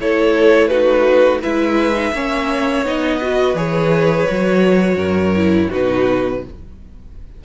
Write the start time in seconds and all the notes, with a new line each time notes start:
0.00 A3 E4 A4 C#5
0.68 D#4 F#4 B4
1.42 G#3 E4 B4 E5
1.95 D#4
2.13 A#3 C#4 C#5
2.83 B3 D#4 D#5
3.17 F#4 B4
3.54 E3 G#4 C#5
4.29 F#3 F#4
4.97 F#2 A#4
5.36 E4
5.70 B2 D#4 F#4 B4